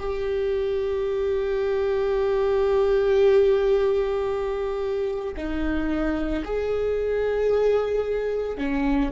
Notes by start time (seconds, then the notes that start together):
0.00 G4
5.36 D#4
6.45 G#4
8.58 C#4